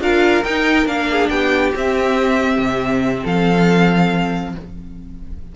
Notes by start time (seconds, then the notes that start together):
0.00 D4 F4 A#4 F5
0.44 D#4 G5
0.86 A#3 D4 F5
1.10 G#4
1.29 B3 G4 G5
1.75 C4 E5
2.59 C3
3.22 F3 A4 F5